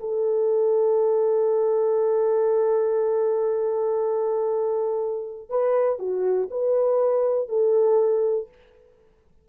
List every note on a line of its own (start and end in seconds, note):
0.00 5.50 A4
5.50 5.99 B4
5.99 6.49 F#4
6.51 7.49 B4
7.49 8.49 A4